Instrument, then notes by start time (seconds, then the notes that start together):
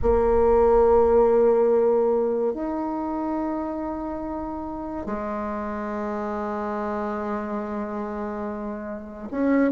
bassoon
0.02 A#3
2.54 D#4
5.06 G#3
9.31 C#4